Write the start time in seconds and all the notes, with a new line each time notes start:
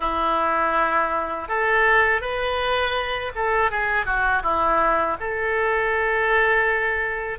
0.00 E4
1.48 A4
2.21 B4
3.35 A4
3.70 G#4
4.05 F#4
4.42 E4
5.20 A4